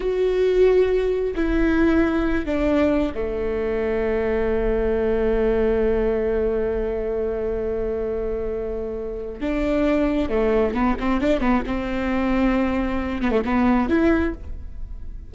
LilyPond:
\new Staff \with { instrumentName = "viola" } { \time 4/4 \tempo 4 = 134 fis'2. e'4~ | e'4. d'4. a4~ | a1~ | a1~ |
a1~ | a4 d'2 a4 | b8 c'8 d'8 b8 c'2~ | c'4. b16 a16 b4 e'4 | }